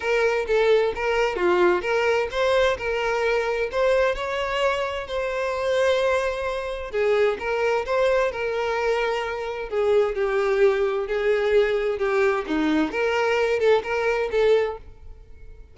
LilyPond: \new Staff \with { instrumentName = "violin" } { \time 4/4 \tempo 4 = 130 ais'4 a'4 ais'4 f'4 | ais'4 c''4 ais'2 | c''4 cis''2 c''4~ | c''2. gis'4 |
ais'4 c''4 ais'2~ | ais'4 gis'4 g'2 | gis'2 g'4 dis'4 | ais'4. a'8 ais'4 a'4 | }